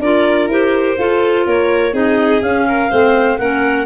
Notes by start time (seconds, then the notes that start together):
0.00 D4 F4 A#4 D5
0.48 E4 G4 C5
0.98 F4 A4
1.47 A#3 A#4 C#5
1.93 C4 D#4 G#4 D#5
2.42 C#4 F5
2.68 A#4
2.90 A3 C4 C5
3.38 A#3 C#4 A#4 F#5